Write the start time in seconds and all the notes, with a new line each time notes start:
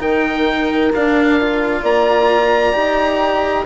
0.00 D#3 D#4 A#4 G5
0.95 D4 F5
1.41 F4
1.82 A#3 D5 A#5
2.73 D#4 G4